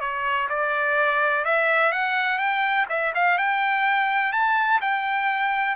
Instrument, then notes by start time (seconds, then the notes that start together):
trumpet
0.00 C#5
0.49 D5
1.44 E5
1.92 F#5
2.38 G5
2.89 E5
3.15 F5
3.38 G5
4.32 A5
4.81 G5